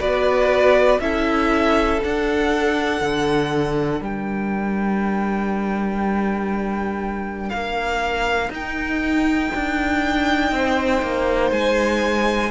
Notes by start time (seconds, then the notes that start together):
0.00 B3 F#4 B4 D5
0.99 C#4 E4 A4 E5
2.00 D4 F#5
3.01 D3
4.01 G3 A#4 G5
7.49 A#3 F5
8.50 D#4 G5
9.55 D4
10.51 C4 C5
11.02 A#3
11.51 G#3 G#5